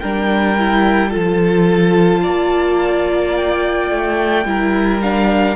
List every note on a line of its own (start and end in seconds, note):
0.00 1.15 G3
0.00 0.58 D4
0.00 1.10 A#4
0.00 1.11 G5
0.58 1.11 E4
1.10 2.25 F3
1.10 4.44 F4
1.10 2.21 A4
1.10 3.35 A5
2.23 3.91 A#3
2.23 4.45 D5
3.36 5.02 G5
3.91 4.45 A3
4.45 5.56 G3
4.45 5.02 E4
4.45 5.56 A#4
5.02 5.56 D4
5.02 5.56 F5